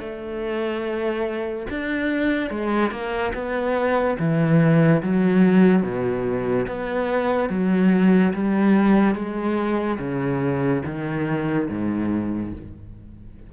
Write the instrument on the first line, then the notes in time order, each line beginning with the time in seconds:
cello
0.00 A3
1.70 D4
2.50 G#3
2.91 A#3
3.34 B3
4.19 E3
5.03 F#3
5.83 B2
6.67 B3
7.50 F#3
8.33 G3
9.15 G#3
9.99 C#3
10.85 D#3
11.69 G#2